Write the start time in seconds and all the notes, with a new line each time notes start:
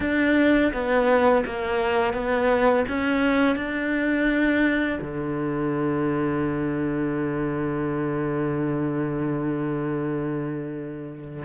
0.00 D4
0.73 B3
1.45 A#3
2.13 B3
2.88 C#4
3.56 D4
5.01 D3